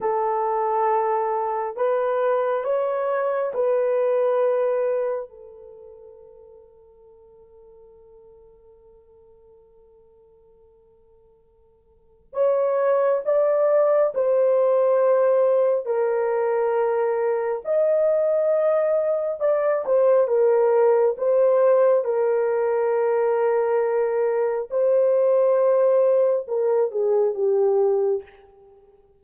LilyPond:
\new Staff \with { instrumentName = "horn" } { \time 4/4 \tempo 4 = 68 a'2 b'4 cis''4 | b'2 a'2~ | a'1~ | a'2 cis''4 d''4 |
c''2 ais'2 | dis''2 d''8 c''8 ais'4 | c''4 ais'2. | c''2 ais'8 gis'8 g'4 | }